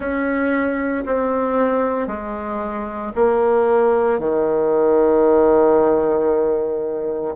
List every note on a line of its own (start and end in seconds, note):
0.00 1.04 C#4
1.05 2.07 C4
2.07 3.12 G#3
3.15 4.19 A#3
4.19 7.34 D#3